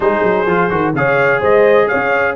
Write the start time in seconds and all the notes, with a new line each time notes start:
0.00 G#3 D#4 G#4 C5
0.23 F#3
0.46 F3 F4
0.70 D#3 F#4
0.94 C#3 G#4 C#5 F5
1.40 G#3 C5 D#5
1.87 C#4 C#5 F5